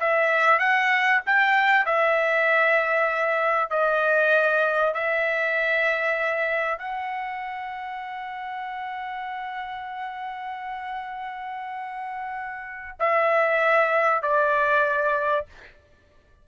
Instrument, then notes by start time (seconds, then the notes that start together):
trumpet
0.00 E5
0.59 F#5
1.26 G5
1.86 E5
3.70 D#5
4.94 E5
6.78 F#5
13.00 E5
14.22 D5